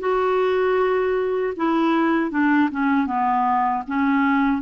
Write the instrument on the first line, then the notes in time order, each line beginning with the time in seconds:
clarinet
0.00 F#4
1.57 E4
2.31 D4
2.71 C#4
3.07 B3
3.87 C#4